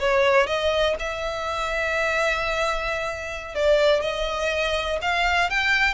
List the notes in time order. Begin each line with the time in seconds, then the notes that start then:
0.00 C#5
0.47 D#5
1.00 E5
3.55 D5
4.02 D#5
5.02 F5
5.50 G5